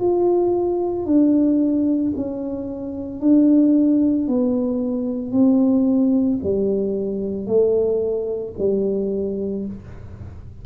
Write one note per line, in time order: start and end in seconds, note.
0.00 1.06 F4
1.06 2.13 D4
2.16 3.21 C#4
3.21 4.28 D4
4.28 5.32 B3
5.32 6.39 C4
6.43 7.47 G3
7.47 8.54 A3
8.59 9.66 G3